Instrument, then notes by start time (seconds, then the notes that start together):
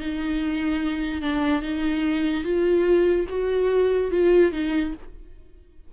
viola
0.00 D#4
1.22 D4
1.62 D#4
2.44 F4
3.29 F#4
4.12 F4
4.52 D#4